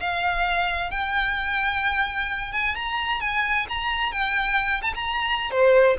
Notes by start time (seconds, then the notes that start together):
0.00 F5
0.91 G5
2.52 G#5
2.75 A#5
3.20 G#5
3.69 A#5
4.12 G5
4.82 A5
4.95 A#5
5.51 C5